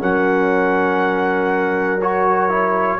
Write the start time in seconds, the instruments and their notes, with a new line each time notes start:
0.00 tuba F#3, trombone C#4, horn A#4, trumpet F#5
2.01 trombone F#4, trumpet C#5
2.49 trombone E4